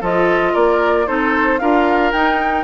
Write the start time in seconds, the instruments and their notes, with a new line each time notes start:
0.00 bassoon F3, clarinet F4, oboe A4, flute D#5
0.52 bassoon A#3, oboe A#4, flute D5
1.06 bassoon C4, clarinet D#4, oboe A4, flute C5
1.58 bassoon D4, clarinet F4, oboe A#4, flute F5
2.12 bassoon D#4, clarinet D#4, flute G5